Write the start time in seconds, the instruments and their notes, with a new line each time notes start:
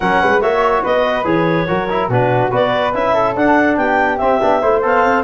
0.00 tuba F#3, trombone C#4, flute A#4, clarinet F#5
0.21 tuba G#3, flute B4
0.41 tuba A#3, trombone F#4, flute C#5, clarinet E5
0.83 tuba B3, flute B4, clarinet D#5
1.24 tuba E3, trombone G#4, clarinet C#5
1.67 tuba F#3, trombone F#4, flute A#4
1.89 trombone E4
2.08 tuba B2, trombone D4, flute F#4, clarinet B4
2.50 tuba B3, trombone F#4, flute B4, clarinet D5
2.93 tuba C#4, trombone E4, clarinet E5
3.13 flute A4
3.35 tuba D4, trombone D4, clarinet F#5
3.76 tuba B3, flute G4, clarinet G5
4.17 trombone C4, tuba C4, clarinet E5
4.41 tuba B3, trombone D4
4.61 tuba A3, trombone E4, flute C5
4.82 tuba B3, trombone A4, clarinet F5
5.04 tuba C4